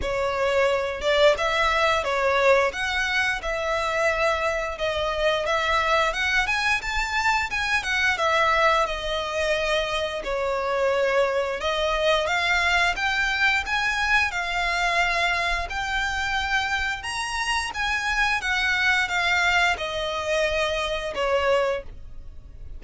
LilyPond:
\new Staff \with { instrumentName = "violin" } { \time 4/4 \tempo 4 = 88 cis''4. d''8 e''4 cis''4 | fis''4 e''2 dis''4 | e''4 fis''8 gis''8 a''4 gis''8 fis''8 | e''4 dis''2 cis''4~ |
cis''4 dis''4 f''4 g''4 | gis''4 f''2 g''4~ | g''4 ais''4 gis''4 fis''4 | f''4 dis''2 cis''4 | }